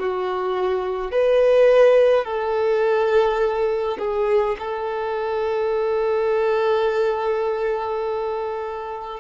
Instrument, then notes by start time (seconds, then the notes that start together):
violin
0.00 F#4
1.12 B4
2.25 A4
3.99 G#4
4.59 A4